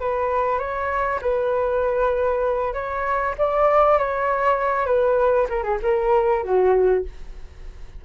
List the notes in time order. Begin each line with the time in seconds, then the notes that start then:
0.00 B4
0.59 C#5
1.22 B4
2.74 C#5
3.38 D5
3.98 C#5
4.86 B4
5.49 A#4
5.63 G#4
5.82 A#4
6.44 F#4